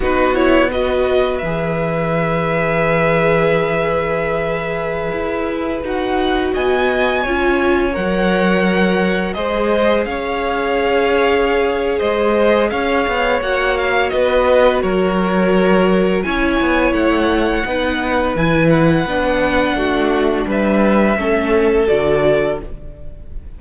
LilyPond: <<
  \new Staff \with { instrumentName = "violin" } { \time 4/4 \tempo 4 = 85 b'8 cis''8 dis''4 e''2~ | e''1~ | e''16 fis''4 gis''2 fis''8.~ | fis''4~ fis''16 dis''4 f''4.~ f''16~ |
f''4 dis''4 f''4 fis''8 f''8 | dis''4 cis''2 gis''4 | fis''2 gis''8 fis''4.~ | fis''4 e''2 d''4 | }
  \new Staff \with { instrumentName = "violin" } { \time 4/4 fis'4 b'2.~ | b'1~ | b'4~ b'16 dis''4 cis''4.~ cis''16~ | cis''4~ cis''16 c''4 cis''4.~ cis''16~ |
cis''4 c''4 cis''2 | b'4 ais'2 cis''4~ | cis''4 b'2. | fis'4 b'4 a'2 | }
  \new Staff \with { instrumentName = "viola" } { \time 4/4 dis'8 e'8 fis'4 gis'2~ | gis'1~ | gis'16 fis'2 f'4 ais'8.~ | ais'4~ ais'16 gis'2~ gis'8.~ |
gis'2. fis'4~ | fis'2. e'4~ | e'4 dis'4 e'4 d'4~ | d'2 cis'4 fis'4 | }
  \new Staff \with { instrumentName = "cello" } { \time 4/4 b2 e2~ | e2.~ e16 e'8.~ | e'16 dis'4 b4 cis'4 fis8.~ | fis4~ fis16 gis4 cis'4.~ cis'16~ |
cis'4 gis4 cis'8 b8 ais4 | b4 fis2 cis'8 b8 | a4 b4 e4 b4 | a4 g4 a4 d4 | }
>>